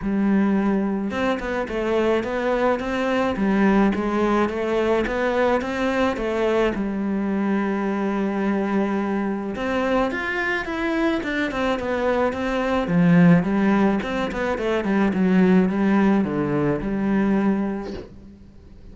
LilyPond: \new Staff \with { instrumentName = "cello" } { \time 4/4 \tempo 4 = 107 g2 c'8 b8 a4 | b4 c'4 g4 gis4 | a4 b4 c'4 a4 | g1~ |
g4 c'4 f'4 e'4 | d'8 c'8 b4 c'4 f4 | g4 c'8 b8 a8 g8 fis4 | g4 d4 g2 | }